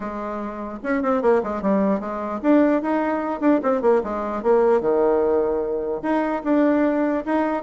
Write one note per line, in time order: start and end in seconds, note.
0.00 0.78 G#3
0.83 1.02 C#4
1.02 1.22 C4
1.22 1.42 A#3
1.43 1.61 G#3
1.61 1.99 G3
1.99 2.40 G#3
2.42 2.82 D4
2.82 3.40 D#4
3.40 3.60 D4
3.62 3.81 C4
3.81 4.01 A#3
4.03 4.42 G#3
4.42 4.80 A#3
4.80 6.01 D#3
6.02 6.42 D#4
6.43 7.24 D4
7.25 7.63 D#4